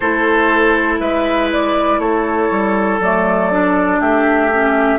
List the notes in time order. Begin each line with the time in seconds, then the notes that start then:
0.00 A3 E4 A4 C5
0.99 G#3 B4 E5
1.52 D5
1.98 A3 A4 C#5
2.50 G3
2.99 F#3 A3 D5
3.51 D4
4.00 A3 G4 E5
4.52 C#4